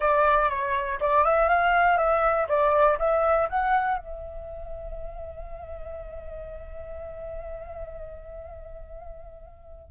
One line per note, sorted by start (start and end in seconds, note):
0.00 0.49 D5
0.49 0.99 C#5
1.00 1.24 D5
1.24 1.48 E5
1.48 1.97 F5
1.97 2.47 E5
2.48 2.98 D5
2.99 3.48 E5
3.49 3.98 F#5
3.98 9.91 E5